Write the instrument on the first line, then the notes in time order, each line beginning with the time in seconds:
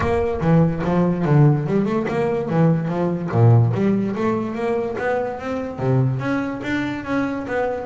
double bass
0.00 A#3
0.40 E3
0.84 F3
1.25 D3
1.66 G3
1.85 A3
2.08 A#3
2.49 E3
2.88 F3
3.31 A#2
3.74 G3
4.15 A3
4.54 A#3
4.98 B3
5.39 C4
5.78 C3
6.19 C#4
6.62 D4
7.04 C#4
7.47 B3